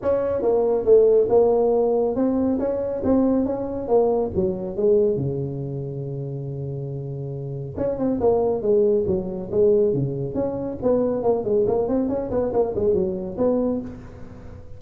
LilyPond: \new Staff \with { instrumentName = "tuba" } { \time 4/4 \tempo 4 = 139 cis'4 ais4 a4 ais4~ | ais4 c'4 cis'4 c'4 | cis'4 ais4 fis4 gis4 | cis1~ |
cis2 cis'8 c'8 ais4 | gis4 fis4 gis4 cis4 | cis'4 b4 ais8 gis8 ais8 c'8 | cis'8 b8 ais8 gis8 fis4 b4 | }